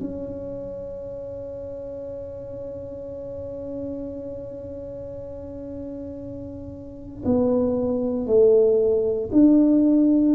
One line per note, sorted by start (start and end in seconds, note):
0.00 7.24 C#4
7.25 8.26 B3
8.26 9.30 A3
9.32 10.35 D4